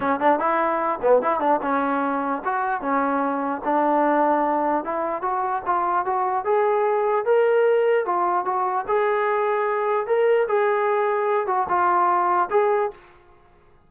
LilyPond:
\new Staff \with { instrumentName = "trombone" } { \time 4/4 \tempo 4 = 149 cis'8 d'8 e'4. b8 e'8 d'8 | cis'2 fis'4 cis'4~ | cis'4 d'2. | e'4 fis'4 f'4 fis'4 |
gis'2 ais'2 | f'4 fis'4 gis'2~ | gis'4 ais'4 gis'2~ | gis'8 fis'8 f'2 gis'4 | }